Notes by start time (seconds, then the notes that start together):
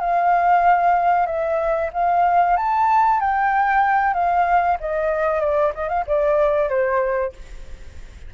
0.00 F5
1.26 E5
1.93 F5
2.57 A5
3.21 G5
4.14 F5
4.80 D#5
5.40 D5
5.74 D#5
5.89 F5
6.06 D5
6.69 C5